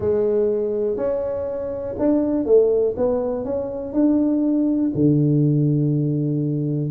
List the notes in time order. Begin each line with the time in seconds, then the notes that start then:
0.00 G#3
0.97 C#4
1.98 D4
2.45 A3
2.96 B3
3.44 C#4
3.93 D4
4.94 D3